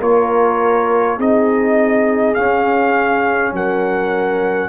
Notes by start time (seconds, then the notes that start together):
0.00 A#3 F4 A#4 C#5
1.18 C4 D#4 G#4 D#5
2.35 C#4 F5
3.53 F#3 A#4 F#5